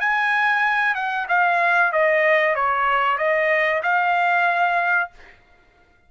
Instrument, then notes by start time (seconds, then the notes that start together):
trumpet
0.00 G#5
0.95 F#5
1.28 F5
1.93 D#5
2.55 C#5
3.18 D#5
3.83 F5